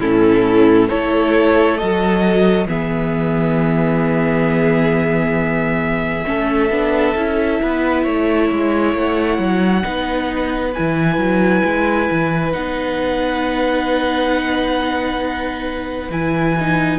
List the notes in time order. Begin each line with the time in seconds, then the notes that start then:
0.00 A2 C#4 E4 A4
0.88 A3 E4 A4 C#5
1.78 F#3 F#4 D#5
2.66 E3 B3 G#4 E5
6.25 A3 C#4 A4
6.71 B3 D4
7.16 C#4 E4
7.62 B3 B4
8.04 A3 C#5
8.52 G#3
8.94 A3 F#5
9.39 F#3
9.83 B3 D#4 B4
10.75 E3 E4 G#5
11.18 F#3
11.65 G#3
12.11 E3
12.52 B3 D#4 F#5
16.10 E3 E4 G#5
16.60 D#4